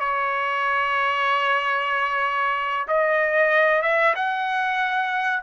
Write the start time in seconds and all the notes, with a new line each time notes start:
0.00 C#5
2.88 D#5
3.82 E5
4.15 F#5